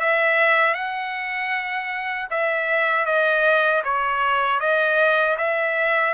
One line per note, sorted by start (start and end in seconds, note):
0.00 0.74 E5
0.74 2.28 F#5
2.31 3.06 E5
3.06 3.83 D#5
3.84 4.60 C#5
4.60 5.37 D#5
5.38 6.14 E5